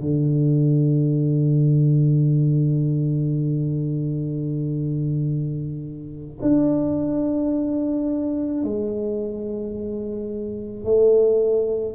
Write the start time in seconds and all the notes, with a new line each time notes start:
0.00 D3
6.42 D4
8.64 G#3
10.85 A3